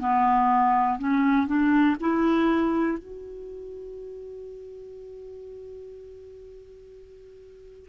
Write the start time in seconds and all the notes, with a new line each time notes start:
0.00 B3
0.99 C#4
1.47 D4
2.01 E4
2.99 F#4